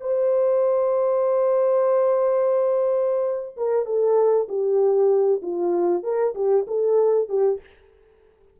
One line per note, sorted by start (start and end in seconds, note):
0.00 3.56 C5
3.57 3.85 A#4
3.85 4.47 A4
4.48 5.41 G4
5.42 6.03 F4
6.03 6.34 A#4
6.35 6.66 G4
6.67 7.28 A4
7.28 7.59 G4